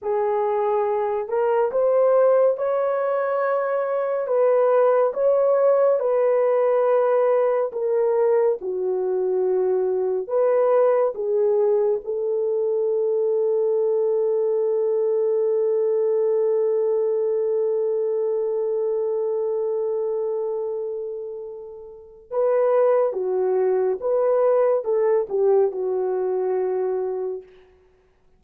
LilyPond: \new Staff \with { instrumentName = "horn" } { \time 4/4 \tempo 4 = 70 gis'4. ais'8 c''4 cis''4~ | cis''4 b'4 cis''4 b'4~ | b'4 ais'4 fis'2 | b'4 gis'4 a'2~ |
a'1~ | a'1~ | a'2 b'4 fis'4 | b'4 a'8 g'8 fis'2 | }